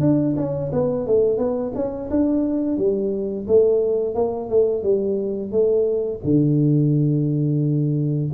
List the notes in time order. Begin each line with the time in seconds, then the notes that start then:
0.00 D4
0.36 C#4
0.72 B3
1.06 A3
1.38 B3
1.75 C#4
2.10 D4
2.77 G3
3.47 A3
4.14 A#3
4.49 A3
4.83 G3
5.51 A3
6.24 D3